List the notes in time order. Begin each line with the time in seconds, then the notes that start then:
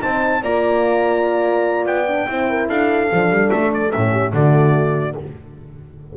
0.00 C4 D#4 C5 A5
0.42 A#3 F4 D5 A#5
1.86 B3 G5
2.08 D4
2.27 C4 E4 C5
2.50 A#4
2.68 D4 A4 F5
3.09 F3 D4
3.30 G3
3.51 A3 E5
3.74 D5
3.91 A2 C#4 E5
4.11 G4
4.32 D3 A3 F#4 D5